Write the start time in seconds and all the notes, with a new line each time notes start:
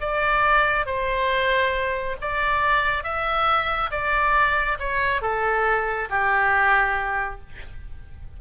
0.00 D5
0.86 C5
2.21 D5
3.03 E5
3.91 D5
4.79 C#5
5.21 A4
6.09 G4